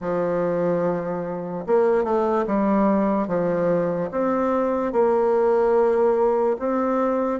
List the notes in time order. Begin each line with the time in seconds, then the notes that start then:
0.00 F3
1.66 A#3
2.04 A3
2.46 G3
3.27 F3
4.11 C4
4.92 A#3
6.59 C4